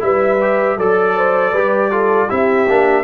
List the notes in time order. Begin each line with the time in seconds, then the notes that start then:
0.00 G3 E4 B4 E5
0.42 G4
0.77 F#3 A4 D5
1.17 C5
1.52 G3 G4 B4
1.92 F4 A4
2.29 C4 E4 G4 E5
2.69 A#3 D4